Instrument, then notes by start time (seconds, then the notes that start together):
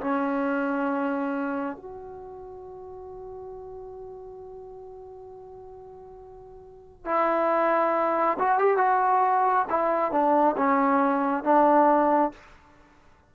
trombone
0.00 C#4
1.76 F#4
7.05 E4
8.39 F#4
8.58 G4
8.77 F#4
9.69 E4
10.11 D4
10.57 C#4
11.43 D4